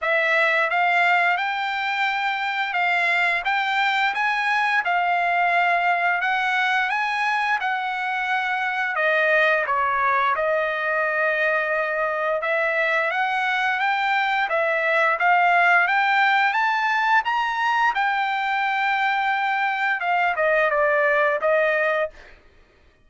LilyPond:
\new Staff \with { instrumentName = "trumpet" } { \time 4/4 \tempo 4 = 87 e''4 f''4 g''2 | f''4 g''4 gis''4 f''4~ | f''4 fis''4 gis''4 fis''4~ | fis''4 dis''4 cis''4 dis''4~ |
dis''2 e''4 fis''4 | g''4 e''4 f''4 g''4 | a''4 ais''4 g''2~ | g''4 f''8 dis''8 d''4 dis''4 | }